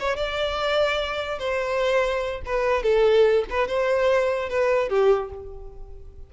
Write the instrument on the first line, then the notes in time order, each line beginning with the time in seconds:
violin
0.00 C#5
0.17 D5
1.39 C5
2.46 B4
2.83 A4
3.50 B4
3.68 C5
4.49 B4
4.89 G4